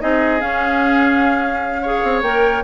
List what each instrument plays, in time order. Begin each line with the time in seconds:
0.00 bassoon C4, clarinet D#4, oboe G#4, flute D#5
0.40 clarinet C#4, bassoon C#4, flute F5
1.82 clarinet G#4, oboe C#5
2.03 bassoon C4
2.22 bassoon A#3, clarinet A#4, flute G5